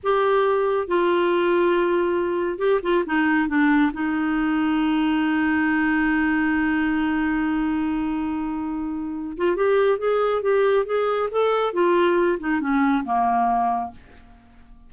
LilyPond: \new Staff \with { instrumentName = "clarinet" } { \time 4/4 \tempo 4 = 138 g'2 f'2~ | f'2 g'8 f'8 dis'4 | d'4 dis'2.~ | dis'1~ |
dis'1~ | dis'4. f'8 g'4 gis'4 | g'4 gis'4 a'4 f'4~ | f'8 dis'8 cis'4 ais2 | }